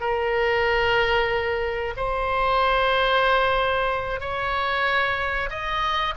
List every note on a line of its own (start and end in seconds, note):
0.00 1.94 A#4
1.96 4.20 C5
4.20 5.49 C#5
5.50 6.14 D#5